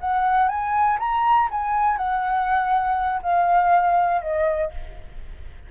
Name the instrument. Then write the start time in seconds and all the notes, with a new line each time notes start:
flute
0.00 F#5
0.48 G#5
0.99 A#5
1.51 G#5
1.97 F#5
3.22 F5
4.21 D#5